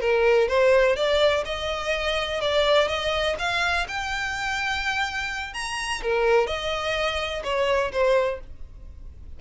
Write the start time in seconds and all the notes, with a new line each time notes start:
0.00 A#4
0.48 C5
0.96 D5
1.45 D#5
2.40 D5
2.88 D#5
3.38 F5
3.87 G5
5.53 A#5
6.02 A#4
6.46 D#5
7.43 C#5
7.92 C5